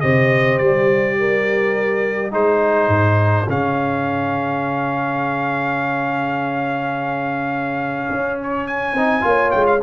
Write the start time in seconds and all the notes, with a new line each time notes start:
0.00 C3 G4 C5 D#5
0.58 G3 D5
1.19 A#4
2.31 G#3 D#4 G#4 C5
2.88 G#2
3.47 C#3 C#4 F5
8.10 C#4
8.42 C#5
8.67 G#5
8.93 C4 D#4
9.21 A#3 F4 C#5
9.51 G#3 G5
9.66 F5